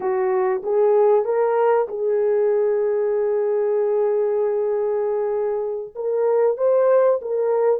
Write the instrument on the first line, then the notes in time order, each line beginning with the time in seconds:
horn
0.00 F#4
0.63 G#4
1.24 A#4
1.88 G#4
5.95 A#4
6.57 C5
7.21 A#4